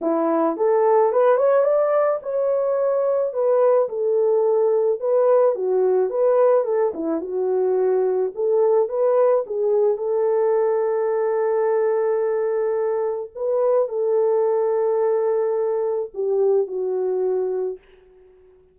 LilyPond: \new Staff \with { instrumentName = "horn" } { \time 4/4 \tempo 4 = 108 e'4 a'4 b'8 cis''8 d''4 | cis''2 b'4 a'4~ | a'4 b'4 fis'4 b'4 | a'8 e'8 fis'2 a'4 |
b'4 gis'4 a'2~ | a'1 | b'4 a'2.~ | a'4 g'4 fis'2 | }